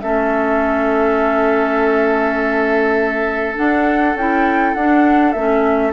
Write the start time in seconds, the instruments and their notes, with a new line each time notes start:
0.00 bassoon A3, clarinet C#4, oboe A4, flute E5
3.55 clarinet D4, bassoon D4, flute F#5
4.14 bassoon C#4, clarinet E4, flute G5
4.74 bassoon D4, clarinet D4, flute F#5
5.32 bassoon A3, clarinet C#4, flute E5